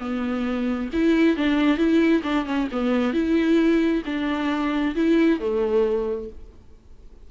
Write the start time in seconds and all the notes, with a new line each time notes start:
0.00 B3
0.93 E4
1.37 D4
1.77 E4
2.23 D4
2.45 C#4
2.72 B3
3.13 E4
4.05 D4
4.95 E4
5.40 A3